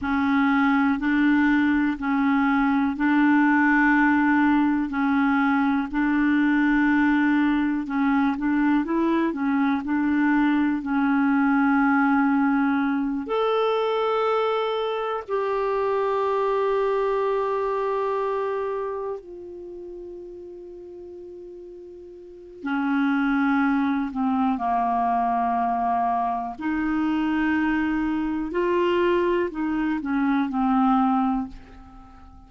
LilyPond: \new Staff \with { instrumentName = "clarinet" } { \time 4/4 \tempo 4 = 61 cis'4 d'4 cis'4 d'4~ | d'4 cis'4 d'2 | cis'8 d'8 e'8 cis'8 d'4 cis'4~ | cis'4. a'2 g'8~ |
g'2.~ g'8 f'8~ | f'2. cis'4~ | cis'8 c'8 ais2 dis'4~ | dis'4 f'4 dis'8 cis'8 c'4 | }